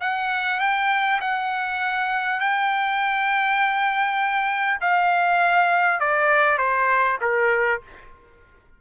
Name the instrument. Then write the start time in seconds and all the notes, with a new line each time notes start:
trumpet
0.00 F#5
0.60 G5
1.21 F#5
2.40 G5
4.80 F5
6.00 D5
6.58 C5
7.21 A#4